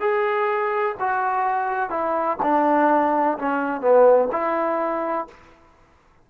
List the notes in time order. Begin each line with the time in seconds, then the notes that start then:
0.00 G#4
1.00 F#4
1.90 E4
2.43 D4
3.38 C#4
3.81 B3
4.32 E4